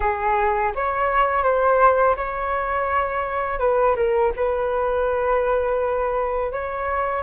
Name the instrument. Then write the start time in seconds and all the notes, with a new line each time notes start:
flute
0.00 G#4
0.75 C#5
1.43 C5
2.16 C#5
3.59 B4
3.96 A#4
4.35 B4
6.52 C#5